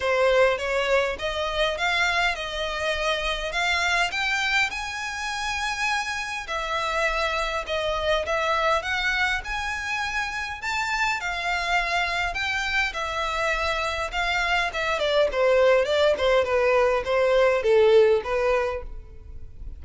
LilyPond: \new Staff \with { instrumentName = "violin" } { \time 4/4 \tempo 4 = 102 c''4 cis''4 dis''4 f''4 | dis''2 f''4 g''4 | gis''2. e''4~ | e''4 dis''4 e''4 fis''4 |
gis''2 a''4 f''4~ | f''4 g''4 e''2 | f''4 e''8 d''8 c''4 d''8 c''8 | b'4 c''4 a'4 b'4 | }